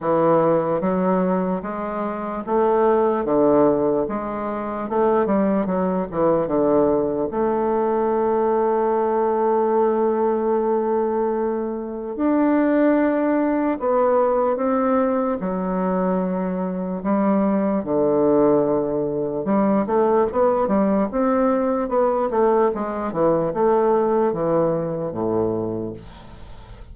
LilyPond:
\new Staff \with { instrumentName = "bassoon" } { \time 4/4 \tempo 4 = 74 e4 fis4 gis4 a4 | d4 gis4 a8 g8 fis8 e8 | d4 a2.~ | a2. d'4~ |
d'4 b4 c'4 fis4~ | fis4 g4 d2 | g8 a8 b8 g8 c'4 b8 a8 | gis8 e8 a4 e4 a,4 | }